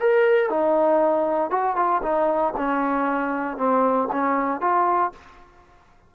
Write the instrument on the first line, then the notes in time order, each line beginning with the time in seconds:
trombone
0.00 A#4
0.50 D#4
1.50 F#4
1.76 F4
2.02 D#4
2.57 C#4
3.57 C4
4.12 C#4
4.61 F4